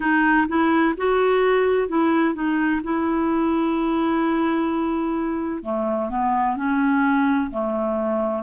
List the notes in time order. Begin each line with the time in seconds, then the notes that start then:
0.00 D#4
0.47 E4
0.97 F#4
1.88 E4
2.34 D#4
2.83 E4
5.62 A3
6.09 B3
6.56 C#4
7.50 A3